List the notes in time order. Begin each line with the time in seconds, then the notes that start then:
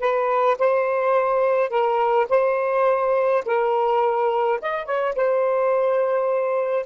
0.00 B4
0.59 C5
1.70 A#4
2.30 C5
3.45 A#4
4.62 D#5
4.86 C#5
5.16 C5